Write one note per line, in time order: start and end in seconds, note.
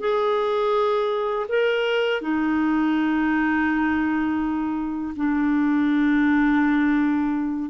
0.00 1.46 G#4
1.49 2.22 A#4
2.22 5.14 D#4
5.17 7.70 D4